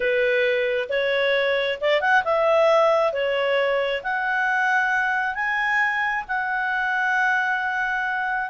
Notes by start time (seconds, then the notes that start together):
0.00 B4
0.89 C#5
1.81 D5
2.00 F#5
2.24 E5
3.12 C#5
4.03 F#5
5.34 G#5
6.27 F#5